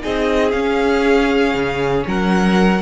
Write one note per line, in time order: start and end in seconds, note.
0.00 0.53 C4
0.00 0.51 D#4
0.00 2.05 G#4
0.00 0.51 D#5
0.51 2.79 C#4
0.51 1.54 C#4
0.51 2.04 F5
1.54 2.05 C#3
2.07 2.81 F#3
2.07 2.81 A#4
2.07 2.81 F#5